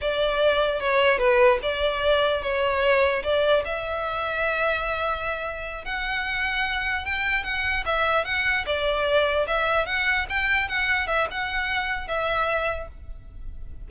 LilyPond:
\new Staff \with { instrumentName = "violin" } { \time 4/4 \tempo 4 = 149 d''2 cis''4 b'4 | d''2 cis''2 | d''4 e''2.~ | e''2~ e''8 fis''4.~ |
fis''4. g''4 fis''4 e''8~ | e''8 fis''4 d''2 e''8~ | e''8 fis''4 g''4 fis''4 e''8 | fis''2 e''2 | }